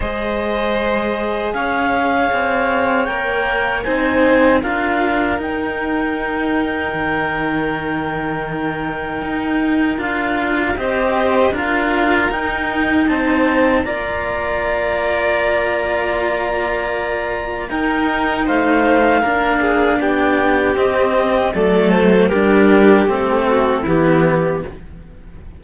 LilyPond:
<<
  \new Staff \with { instrumentName = "clarinet" } { \time 4/4 \tempo 4 = 78 dis''2 f''2 | g''4 gis''4 f''4 g''4~ | g''1~ | g''4 f''4 dis''4 f''4 |
g''4 a''4 ais''2~ | ais''2. g''4 | f''2 g''4 dis''4 | d''8 c''8 ais'4 a'4 g'4 | }
  \new Staff \with { instrumentName = "violin" } { \time 4/4 c''2 cis''2~ | cis''4 c''4 ais'2~ | ais'1~ | ais'2 c''4 ais'4~ |
ais'4 c''4 d''2~ | d''2. ais'4 | c''4 ais'8 gis'8 g'2 | a'4 g'4. fis'8 e'4 | }
  \new Staff \with { instrumentName = "cello" } { \time 4/4 gis'1 | ais'4 dis'4 f'4 dis'4~ | dis'1~ | dis'4 f'4 g'4 f'4 |
dis'2 f'2~ | f'2. dis'4~ | dis'4 d'2 c'4 | a4 d'4 c'4 b4 | }
  \new Staff \with { instrumentName = "cello" } { \time 4/4 gis2 cis'4 c'4 | ais4 c'4 d'4 dis'4~ | dis'4 dis2. | dis'4 d'4 c'4 d'4 |
dis'4 c'4 ais2~ | ais2. dis'4 | a4 ais4 b4 c'4 | fis4 g4 a4 e4 | }
>>